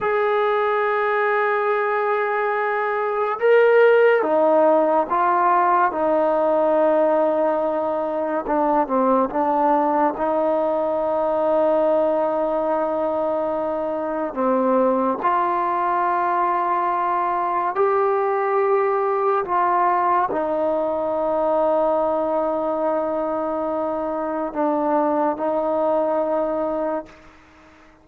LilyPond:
\new Staff \with { instrumentName = "trombone" } { \time 4/4 \tempo 4 = 71 gis'1 | ais'4 dis'4 f'4 dis'4~ | dis'2 d'8 c'8 d'4 | dis'1~ |
dis'4 c'4 f'2~ | f'4 g'2 f'4 | dis'1~ | dis'4 d'4 dis'2 | }